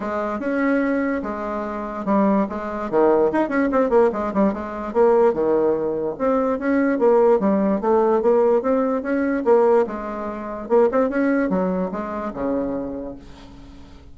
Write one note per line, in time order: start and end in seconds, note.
0.00 0.39 G#3
0.39 1.21 C#4
1.22 2.05 G#3
2.05 2.46 G3
2.49 2.90 G#3
2.90 3.31 D#3
3.31 3.48 D#4
3.48 3.69 C#4
3.71 3.89 C4
3.89 4.10 A#3
4.12 4.33 G#3
4.33 4.53 G3
4.53 4.93 G#3
4.93 5.33 A#3
5.33 6.15 D#3
6.18 6.58 C4
6.58 6.99 C#4
6.99 7.39 A#3
7.39 7.80 G3
7.80 8.22 A3
8.22 8.62 A#3
8.62 9.02 C4
9.02 9.43 C#4
9.44 9.86 A#3
9.86 10.68 G#3
10.68 10.89 A#3
10.91 11.09 C4
11.09 11.49 C#4
11.49 11.90 F#3
11.91 12.33 G#3
12.33 13.15 C#3